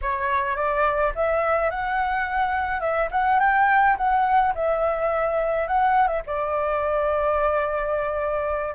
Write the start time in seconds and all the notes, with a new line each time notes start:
0.01 C#5
0.56 D5
1.15 E5
1.70 F#5
2.80 E5
3.11 F#5
3.39 G5
3.97 F#5
4.55 E5
5.67 F#5
6.07 E5
6.26 D5